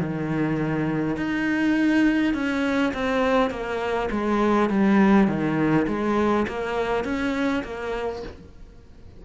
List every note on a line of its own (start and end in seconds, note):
0.00 1.17 D#3
1.17 2.34 D#4
2.34 2.93 C#4
2.94 3.50 C4
3.50 4.09 A#3
4.11 4.70 G#3
4.70 5.28 G3
5.28 5.87 D#3
5.88 6.47 G#3
6.48 7.04 A#3
7.04 7.63 C#4
7.64 8.23 A#3